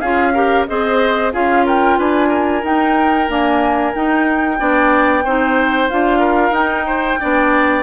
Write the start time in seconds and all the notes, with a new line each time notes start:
0.00 C#4 F4 G#4 F5
0.34 G4 A#4
0.67 C4 G#4 C5 D#5
1.32 C#4 F4 G#4 F5
1.65 A#4 G5
1.98 D4 B4 G#5
2.28 A#4
2.63 D#4 G5
3.28 A#3 D4 G#5
3.94 D#4 G5
4.58 B3 D4 D5
5.24 C4 D#4 C5
5.90 D4 F4 F5
6.19 A#4
6.50 D#4 G5
6.86 C5
7.19 B3 D4 D5